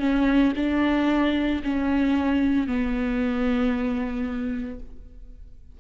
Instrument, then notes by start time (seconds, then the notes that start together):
viola
0.00 C#4
0.56 D4
1.64 C#4
2.67 B3